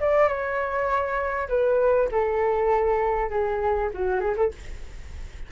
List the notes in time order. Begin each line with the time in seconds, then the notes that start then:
0.00 D5
0.28 C#5
1.48 B4
2.11 A4
3.29 G#4
3.94 F#4
4.20 G#4
4.36 A4